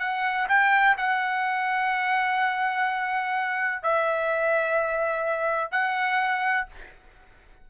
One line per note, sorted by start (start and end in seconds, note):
0.00 0.48 F#5
0.49 0.97 G5
0.98 3.83 F#5
3.83 5.72 E5
5.72 6.67 F#5